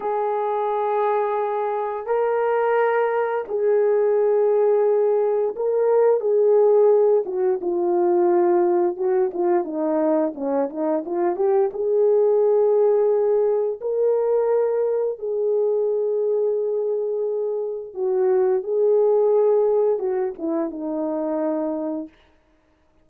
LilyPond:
\new Staff \with { instrumentName = "horn" } { \time 4/4 \tempo 4 = 87 gis'2. ais'4~ | ais'4 gis'2. | ais'4 gis'4. fis'8 f'4~ | f'4 fis'8 f'8 dis'4 cis'8 dis'8 |
f'8 g'8 gis'2. | ais'2 gis'2~ | gis'2 fis'4 gis'4~ | gis'4 fis'8 e'8 dis'2 | }